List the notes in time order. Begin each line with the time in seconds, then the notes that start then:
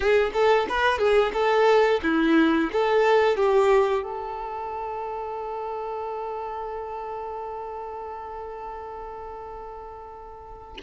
0.00 G#4
0.33 A4
0.68 B4
0.98 G#4
1.33 A4
2.02 E4
2.72 A4
3.36 G4
4.03 A4